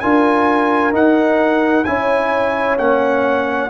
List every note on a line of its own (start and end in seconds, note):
0.00 0.92 D4
0.00 0.92 F4
0.00 1.86 A#4
0.00 0.92 G#5
0.92 1.85 D#4
0.92 1.84 F#5
1.84 2.79 C#4
1.84 2.78 E4
1.84 3.70 C#5
1.84 2.77 G#5
2.78 3.70 A#3
2.78 3.70 C#4
2.78 3.70 F#5